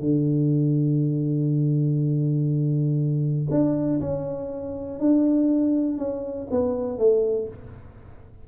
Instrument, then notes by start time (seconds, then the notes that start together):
tuba
0.00 D3
3.50 D4
4.00 C#4
5.00 D4
5.98 C#4
6.51 B3
6.98 A3